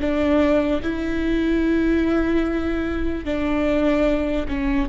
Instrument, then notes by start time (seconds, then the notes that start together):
viola
0.00 D4
0.82 E4
3.24 D4
4.48 C#4